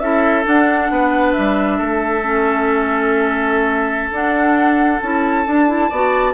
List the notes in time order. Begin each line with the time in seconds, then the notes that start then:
0.00 C#4 E4 A4 E5
0.45 D4 F#5
0.91 B3 B4
1.33 G3 E5
1.78 A3 A4
2.24 C#4
4.11 D4 F#5
5.01 C#4 E4 A5
5.46 D4
5.68 E4
5.90 B3 F#4 D5